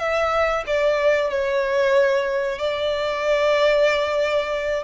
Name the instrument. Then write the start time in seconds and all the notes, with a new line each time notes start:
violin
0.00 E5
0.67 D5
1.30 C#5
2.59 D5